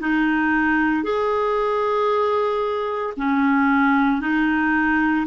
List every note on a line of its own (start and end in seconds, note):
0.00 1.03 D#4
1.03 3.13 G#4
3.17 4.21 C#4
4.21 5.26 D#4